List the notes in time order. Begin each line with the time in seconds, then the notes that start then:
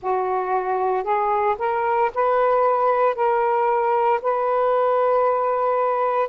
0.02 F#4
1.03 G#4
1.58 A#4
2.14 B4
3.15 A#4
4.22 B4